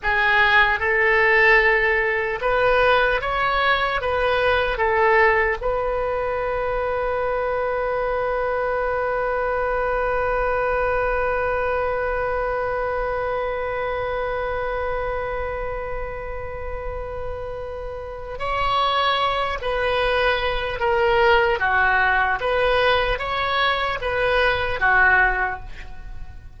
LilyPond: \new Staff \with { instrumentName = "oboe" } { \time 4/4 \tempo 4 = 75 gis'4 a'2 b'4 | cis''4 b'4 a'4 b'4~ | b'1~ | b'1~ |
b'1~ | b'2. cis''4~ | cis''8 b'4. ais'4 fis'4 | b'4 cis''4 b'4 fis'4 | }